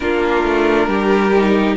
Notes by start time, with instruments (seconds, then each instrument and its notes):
0.00 cello A#3, viola D4, violin F4 A#4
0.43 cello A3
0.87 cello G3, violin G4
1.36 viola D#4